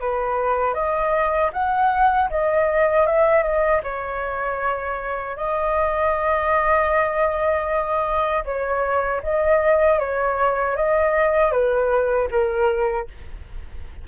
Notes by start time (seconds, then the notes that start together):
0.00 B4
0.74 D#5
1.52 F#5
2.29 D#5
3.06 E5
3.42 D#5
3.83 C#5
5.36 D#5
8.44 C#5
9.23 D#5
9.99 C#5
10.76 D#5
11.51 B4
12.30 A#4